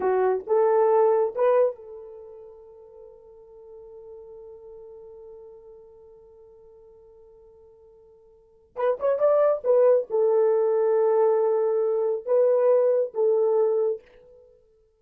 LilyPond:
\new Staff \with { instrumentName = "horn" } { \time 4/4 \tempo 4 = 137 fis'4 a'2 b'4 | a'1~ | a'1~ | a'1~ |
a'1 | b'8 cis''8 d''4 b'4 a'4~ | a'1 | b'2 a'2 | }